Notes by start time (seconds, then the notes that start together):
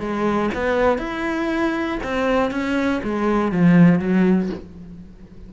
0.00 G#3
0.55 B3
0.98 E4
2.04 C4
2.51 C#4
3.04 G#3
3.52 F3
4.00 F#3